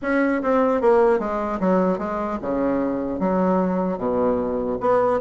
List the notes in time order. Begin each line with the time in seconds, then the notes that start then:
0.01 C#4
0.42 C4
0.81 A#3
1.19 G#3
1.60 F#3
1.98 G#3
2.41 C#3
3.19 F#3
3.98 B2
4.80 B3